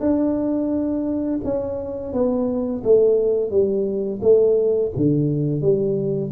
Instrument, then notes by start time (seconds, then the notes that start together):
tuba
0.00 D4
1.44 C#4
2.13 B3
2.84 A3
3.50 G3
4.21 A3
4.96 D3
5.61 G3